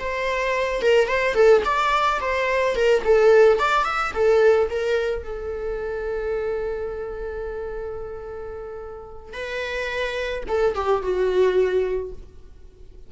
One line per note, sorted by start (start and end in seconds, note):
0.00 0.82 C5
0.82 1.08 A#4
1.08 1.35 C5
1.35 1.62 A4
1.65 2.20 D5
2.21 2.75 C5
2.75 3.03 A#4
3.05 3.59 A4
3.59 3.85 D5
3.85 4.12 E5
4.14 4.69 A4
4.70 5.24 A#4
5.24 9.34 A4
9.34 10.44 B4
10.48 10.75 A4
10.75 11.03 G4
11.03 12.13 F#4